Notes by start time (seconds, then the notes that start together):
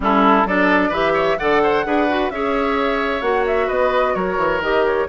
0.00 G3 C#4 E4 A4
0.45 F#3 D4 A4 D5
0.89 E3 G4 B4 E5
1.13 C#5
1.38 D3 A4 D5 F#5
1.62 C5
1.84 D4 G#4 B4
2.08 F#4
2.30 C#4 G#4 C#5 E5
3.21 A#3 F#4 F#5
3.46 E5
3.67 B3 B4 D#5
4.15 F#3 A#4 C#5
4.37 E3
4.60 D#3 G4 D#5
4.85 C#5